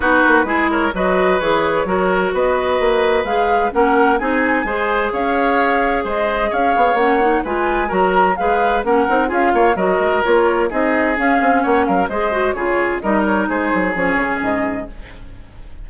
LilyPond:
<<
  \new Staff \with { instrumentName = "flute" } { \time 4/4 \tempo 4 = 129 b'4. cis''8 dis''4 cis''4~ | cis''4 dis''2 f''4 | fis''4 gis''2 f''4~ | f''4 dis''4 f''4 fis''4 |
gis''4 ais''4 f''4 fis''4 | f''4 dis''4 cis''4 dis''4 | f''4 fis''8 f''8 dis''4 cis''4 | dis''8 cis''8 c''4 cis''4 dis''4 | }
  \new Staff \with { instrumentName = "oboe" } { \time 4/4 fis'4 gis'8 ais'8 b'2 | ais'4 b'2. | ais'4 gis'4 c''4 cis''4~ | cis''4 c''4 cis''2 |
b'4 ais'4 b'4 ais'4 | gis'8 cis''8 ais'2 gis'4~ | gis'4 cis''8 ais'8 c''4 gis'4 | ais'4 gis'2. | }
  \new Staff \with { instrumentName = "clarinet" } { \time 4/4 dis'4 e'4 fis'4 gis'4 | fis'2. gis'4 | cis'4 dis'4 gis'2~ | gis'2. cis'8 dis'8 |
f'4 fis'4 gis'4 cis'8 dis'8 | f'4 fis'4 f'4 dis'4 | cis'2 gis'8 fis'8 f'4 | dis'2 cis'2 | }
  \new Staff \with { instrumentName = "bassoon" } { \time 4/4 b8 ais8 gis4 fis4 e4 | fis4 b4 ais4 gis4 | ais4 c'4 gis4 cis'4~ | cis'4 gis4 cis'8 b8 ais4 |
gis4 fis4 gis4 ais8 c'8 | cis'8 ais8 fis8 gis8 ais4 c'4 | cis'8 c'8 ais8 fis8 gis4 cis4 | g4 gis8 fis8 f8 cis8 gis,4 | }
>>